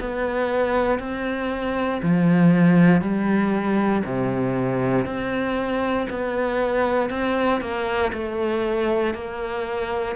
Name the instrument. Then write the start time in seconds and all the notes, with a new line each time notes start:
cello
0.00 B3
0.99 C4
2.02 F3
3.01 G3
4.05 C3
5.05 C4
6.10 B3
7.10 C4
7.61 A#3
8.13 A3
9.14 A#3